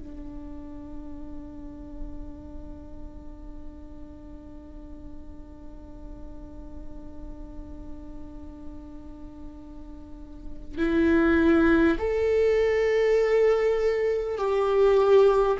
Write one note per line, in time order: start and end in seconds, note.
0.00 10.79 D4
10.79 11.99 E4
11.99 14.38 A4
14.38 15.58 G4